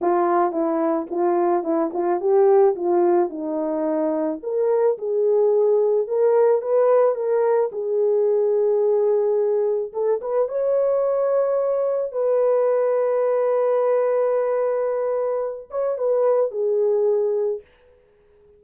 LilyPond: \new Staff \with { instrumentName = "horn" } { \time 4/4 \tempo 4 = 109 f'4 e'4 f'4 e'8 f'8 | g'4 f'4 dis'2 | ais'4 gis'2 ais'4 | b'4 ais'4 gis'2~ |
gis'2 a'8 b'8 cis''4~ | cis''2 b'2~ | b'1~ | b'8 cis''8 b'4 gis'2 | }